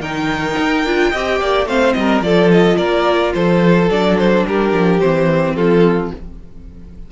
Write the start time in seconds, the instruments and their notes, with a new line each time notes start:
0.00 cello D#3, viola D#4, violin A#4 G5
0.59 cello D#4
0.85 cello D4, viola F4
1.11 cello C4, viola G4, violin D#5
1.40 cello A#3, violin D5
1.66 cello A3, viola C4, violin C5 F5
1.93 cello G3, violin D#5
2.00 violin A#4
2.21 cello F3, viola F4, violin A4 D5
2.52 violin D#5
2.78 cello A#3, violin A#4 D5
3.34 cello F3, violin A4 C5
3.90 cello F#3, viola D4, violin D5
4.19 violin C5
4.47 cello G3, violin G4 A#4
4.73 cello F3
5.00 cello E3, viola C4, violin C5
5.56 cello F3, violin F4 A4